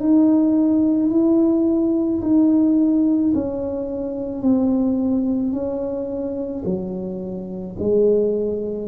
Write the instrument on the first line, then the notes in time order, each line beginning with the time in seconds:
tuba
0.00 D#4
1.10 E4
2.22 D#4
3.35 C#4
4.42 C4
5.53 C#4
6.66 F#3
7.79 G#3